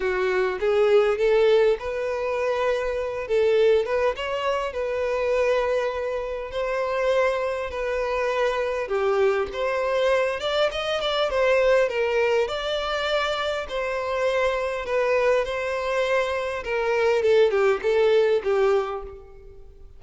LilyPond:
\new Staff \with { instrumentName = "violin" } { \time 4/4 \tempo 4 = 101 fis'4 gis'4 a'4 b'4~ | b'4. a'4 b'8 cis''4 | b'2. c''4~ | c''4 b'2 g'4 |
c''4. d''8 dis''8 d''8 c''4 | ais'4 d''2 c''4~ | c''4 b'4 c''2 | ais'4 a'8 g'8 a'4 g'4 | }